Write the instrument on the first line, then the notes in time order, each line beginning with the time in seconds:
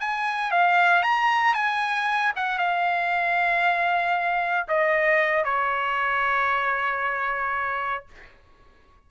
trumpet
0.00 G#5
0.51 F5
1.03 A#5
1.54 G#5
2.36 F#5
2.58 F5
4.68 D#5
5.44 C#5